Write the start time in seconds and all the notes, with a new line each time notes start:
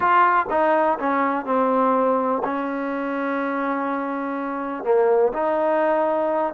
0.00 F4
0.50 D#4
0.99 C#4
1.45 C4
2.43 C#4
4.84 A#3
5.33 D#4